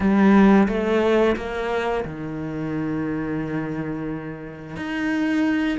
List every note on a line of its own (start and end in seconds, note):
0.00 0.67 G3
0.68 1.36 A3
1.36 2.04 A#3
2.04 4.76 D#3
4.76 5.78 D#4